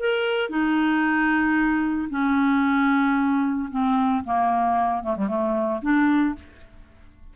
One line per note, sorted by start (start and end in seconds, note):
0.00 0.50 A#4
0.50 2.09 D#4
2.10 3.70 C#4
3.71 4.24 C4
4.25 5.03 A#3
5.03 5.17 A3
5.17 5.28 G3
5.28 5.81 A3
5.82 6.35 D4